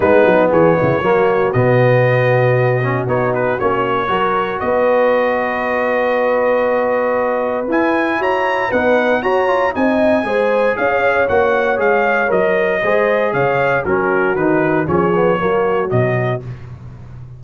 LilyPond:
<<
  \new Staff \with { instrumentName = "trumpet" } { \time 4/4 \tempo 4 = 117 b'4 cis''2 dis''4~ | dis''2 cis''8 b'8 cis''4~ | cis''4 dis''2.~ | dis''2. gis''4 |
ais''4 fis''4 ais''4 gis''4~ | gis''4 f''4 fis''4 f''4 | dis''2 f''4 ais'4 | b'4 cis''2 dis''4 | }
  \new Staff \with { instrumentName = "horn" } { \time 4/4 dis'4 gis'8 e'8 fis'2~ | fis'1 | ais'4 b'2.~ | b'1 |
cis''4 b'4 cis''4 dis''4 | c''4 cis''2.~ | cis''4 c''4 cis''4 fis'4~ | fis'4 gis'4 fis'2 | }
  \new Staff \with { instrumentName = "trombone" } { \time 4/4 b2 ais4 b4~ | b4. cis'8 dis'4 cis'4 | fis'1~ | fis'2. e'4~ |
e'4 dis'4 fis'8 f'8 dis'4 | gis'2 fis'4 gis'4 | ais'4 gis'2 cis'4 | dis'4 cis'8 b8 ais4 fis4 | }
  \new Staff \with { instrumentName = "tuba" } { \time 4/4 gis8 fis8 e8 cis8 fis4 b,4~ | b,2 b4 ais4 | fis4 b2.~ | b2. e'4 |
fis'4 b4 fis'4 c'4 | gis4 cis'4 ais4 gis4 | fis4 gis4 cis4 fis4 | dis4 f4 fis4 b,4 | }
>>